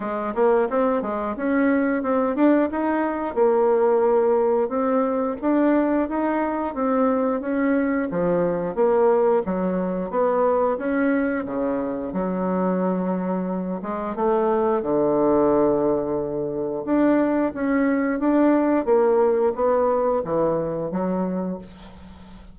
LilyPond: \new Staff \with { instrumentName = "bassoon" } { \time 4/4 \tempo 4 = 89 gis8 ais8 c'8 gis8 cis'4 c'8 d'8 | dis'4 ais2 c'4 | d'4 dis'4 c'4 cis'4 | f4 ais4 fis4 b4 |
cis'4 cis4 fis2~ | fis8 gis8 a4 d2~ | d4 d'4 cis'4 d'4 | ais4 b4 e4 fis4 | }